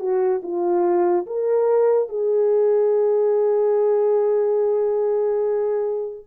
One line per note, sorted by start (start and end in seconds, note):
0.00 0.42 F#4
0.43 1.27 F4
1.27 2.09 A#4
2.09 6.26 G#4